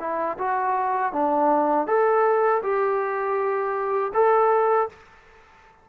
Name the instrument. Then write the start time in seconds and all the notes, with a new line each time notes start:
trombone
0.00 E4
0.38 F#4
1.13 D4
1.87 A4
2.62 G4
4.14 A4